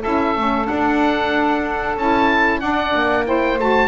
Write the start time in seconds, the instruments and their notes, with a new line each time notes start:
0.00 double bass C#4, saxophone E4 A4, oboe E5
0.36 double bass A3, saxophone C#4
0.65 saxophone D4, double bass D4, oboe F#5
1.96 double bass C#4, saxophone E4, oboe A5
2.60 double bass D4, saxophone D4 D5, oboe F#5
2.94 double bass A#3
3.25 saxophone E4 C5, oboe G5
3.58 double bass A3, saxophone F#4, oboe A5